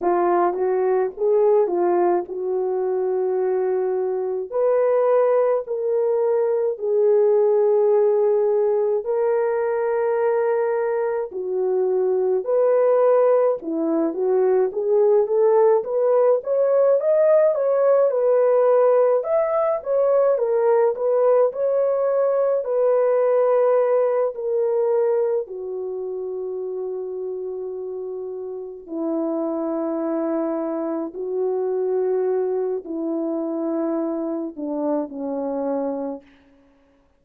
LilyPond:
\new Staff \with { instrumentName = "horn" } { \time 4/4 \tempo 4 = 53 f'8 fis'8 gis'8 f'8 fis'2 | b'4 ais'4 gis'2 | ais'2 fis'4 b'4 | e'8 fis'8 gis'8 a'8 b'8 cis''8 dis''8 cis''8 |
b'4 e''8 cis''8 ais'8 b'8 cis''4 | b'4. ais'4 fis'4.~ | fis'4. e'2 fis'8~ | fis'4 e'4. d'8 cis'4 | }